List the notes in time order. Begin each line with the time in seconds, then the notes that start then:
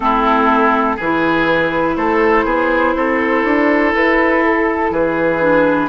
0.00 A3 C4 E4 A4
0.96 E3 G#4 B4
1.02 E4
1.96 A3 A4 C5
2.44 B3 G#4
2.95 C4 A4
3.44 D4
3.94 E4 B4
4.44 A4
4.91 E3 G#4 B4
5.41 D4